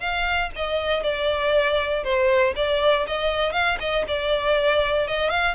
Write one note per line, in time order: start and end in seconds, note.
0.00 0.50 F5
0.56 1.03 D#5
1.03 2.04 D5
2.04 2.54 C5
2.56 3.06 D5
3.07 3.53 D#5
3.53 3.78 F5
3.80 4.05 D#5
4.08 5.07 D5
5.07 5.30 D#5
5.30 5.55 F5